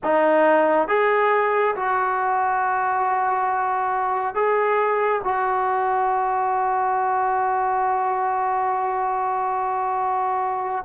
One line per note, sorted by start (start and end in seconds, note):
0.03 0.88 D#4
0.88 1.75 G#4
1.75 4.34 F#4
4.34 5.21 G#4
5.24 10.85 F#4